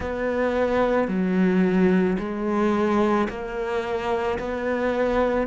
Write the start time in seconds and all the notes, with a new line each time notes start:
0.00 B3
1.08 F#3
2.18 G#3
3.29 A#3
4.38 B3